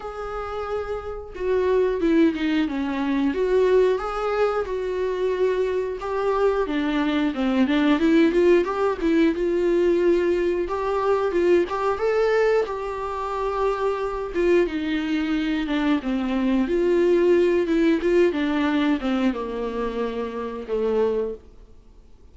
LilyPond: \new Staff \with { instrumentName = "viola" } { \time 4/4 \tempo 4 = 90 gis'2 fis'4 e'8 dis'8 | cis'4 fis'4 gis'4 fis'4~ | fis'4 g'4 d'4 c'8 d'8 | e'8 f'8 g'8 e'8 f'2 |
g'4 f'8 g'8 a'4 g'4~ | g'4. f'8 dis'4. d'8 | c'4 f'4. e'8 f'8 d'8~ | d'8 c'8 ais2 a4 | }